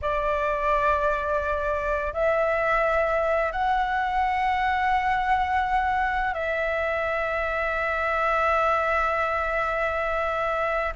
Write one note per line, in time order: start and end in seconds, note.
0.01 2.13 D5
2.13 3.52 E5
3.52 6.34 F#5
6.34 10.93 E5